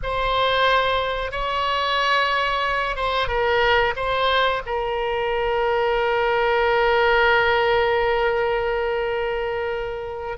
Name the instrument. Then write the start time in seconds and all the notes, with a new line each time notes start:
oboe
0.02 C5
1.31 C#5
2.96 C5
3.28 A#4
3.96 C5
4.66 A#4